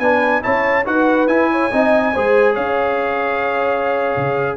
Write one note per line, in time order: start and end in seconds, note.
0.00 0.43 B3
0.00 0.42 D4
0.00 0.43 B4
0.00 0.43 G#5
0.42 0.87 C#4
0.42 0.85 E4
0.42 0.86 C#5
0.42 0.86 A5
0.86 1.28 D#4
0.86 1.28 F#4
0.86 1.51 B4
0.86 1.28 F#5
1.28 1.70 E4
1.28 1.72 E4
1.28 2.55 G#5
1.52 1.72 C#5
1.72 2.16 C4
1.72 2.15 D#4
1.72 2.15 D#5
2.15 2.57 G#3
2.15 4.57 G#4
2.15 2.55 C5
2.55 4.17 C#4
2.55 4.57 C#5
2.55 4.57 F5
4.17 4.57 C#3